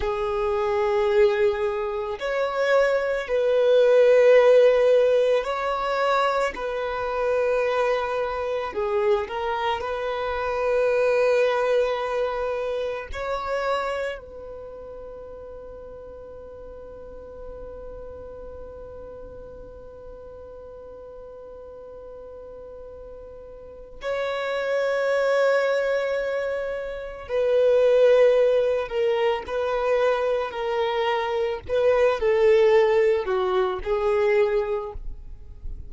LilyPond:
\new Staff \with { instrumentName = "violin" } { \time 4/4 \tempo 4 = 55 gis'2 cis''4 b'4~ | b'4 cis''4 b'2 | gis'8 ais'8 b'2. | cis''4 b'2.~ |
b'1~ | b'2 cis''2~ | cis''4 b'4. ais'8 b'4 | ais'4 b'8 a'4 fis'8 gis'4 | }